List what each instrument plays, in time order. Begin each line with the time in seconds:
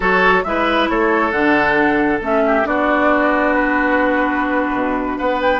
0.00 bassoon F#3, clarinet F#4, oboe A4, flute C#5
0.43 bassoon G#3, clarinet E4, oboe B4, flute E5
0.89 bassoon A3, oboe A4, flute C#5
1.31 bassoon D3, clarinet D4, flute F#5
2.21 bassoon A3, clarinet C#4, flute E5
2.46 oboe G4
2.63 bassoon B3, clarinet D4, oboe F#4, flute D5
3.54 flute B4
4.73 bassoon B2
5.18 bassoon B3, oboe B4, flute F#5
5.41 flute G5